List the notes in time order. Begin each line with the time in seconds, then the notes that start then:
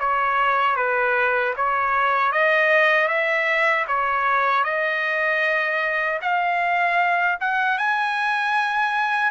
0.00 C#5
0.76 B4
1.56 C#5
2.32 D#5
3.08 E5
3.87 C#5
4.64 D#5
6.22 F5
7.41 F#5
7.78 G#5